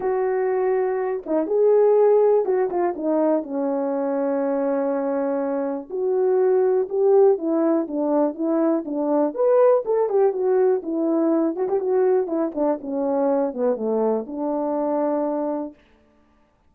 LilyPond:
\new Staff \with { instrumentName = "horn" } { \time 4/4 \tempo 4 = 122 fis'2~ fis'8 dis'8 gis'4~ | gis'4 fis'8 f'8 dis'4 cis'4~ | cis'1 | fis'2 g'4 e'4 |
d'4 e'4 d'4 b'4 | a'8 g'8 fis'4 e'4. fis'16 g'16 | fis'4 e'8 d'8 cis'4. b8 | a4 d'2. | }